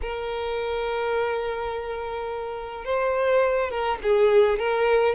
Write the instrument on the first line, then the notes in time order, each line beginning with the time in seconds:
violin
0.01 A#4
2.84 C5
3.70 A#4
4.03 G#4
4.58 A#4